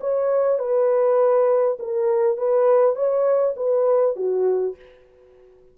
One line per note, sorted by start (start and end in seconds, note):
0.00 0.58 C#5
0.58 1.77 B4
1.79 2.37 A#4
2.37 2.95 B4
2.95 3.55 C#5
3.56 4.16 B4
4.16 4.75 F#4